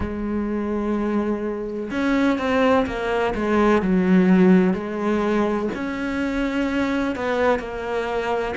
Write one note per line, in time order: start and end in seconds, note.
0.00 1.90 G#3
1.90 2.38 C#4
2.38 2.86 C4
2.86 3.33 A#3
3.34 3.82 G#3
3.82 4.73 F#3
4.73 5.68 G#3
5.74 7.15 C#4
7.15 7.59 B3
7.59 8.54 A#3